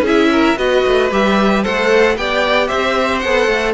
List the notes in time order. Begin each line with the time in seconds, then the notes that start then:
0.00 C#4 E4 G#4 E5
0.31 A#4
0.56 B3 F#4 B4 D#5
0.86 A3
1.11 G3 G4 E5
1.63 A3 A4 C5 F#5
2.16 B3 G4 D5 G5
2.68 C4 C5 E5
3.19 B3 A4 F#5
3.47 A3